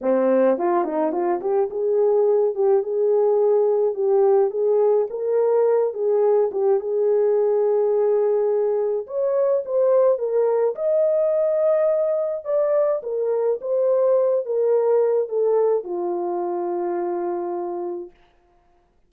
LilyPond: \new Staff \with { instrumentName = "horn" } { \time 4/4 \tempo 4 = 106 c'4 f'8 dis'8 f'8 g'8 gis'4~ | gis'8 g'8 gis'2 g'4 | gis'4 ais'4. gis'4 g'8 | gis'1 |
cis''4 c''4 ais'4 dis''4~ | dis''2 d''4 ais'4 | c''4. ais'4. a'4 | f'1 | }